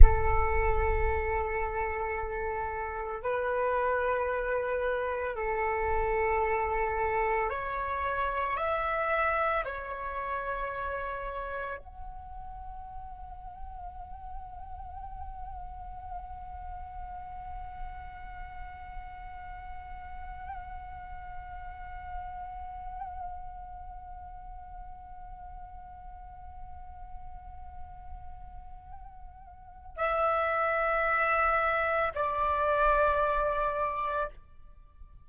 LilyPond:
\new Staff \with { instrumentName = "flute" } { \time 4/4 \tempo 4 = 56 a'2. b'4~ | b'4 a'2 cis''4 | e''4 cis''2 fis''4~ | fis''1~ |
fis''1~ | fis''1~ | fis''1 | e''2 d''2 | }